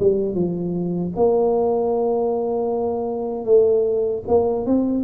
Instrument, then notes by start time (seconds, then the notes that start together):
tuba
0.00 G3
0.35 F3
1.16 A#3
3.45 A3
4.28 A#3
4.66 C4